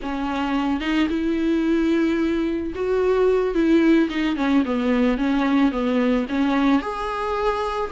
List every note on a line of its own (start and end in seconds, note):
0.02 0.80 C#4
0.80 1.07 D#4
1.09 2.73 E4
2.74 3.54 F#4
3.54 4.09 E4
4.09 4.36 D#4
4.36 4.63 C#4
4.65 5.17 B3
5.17 5.71 C#4
5.71 6.26 B3
6.28 6.81 C#4
6.81 7.90 G#4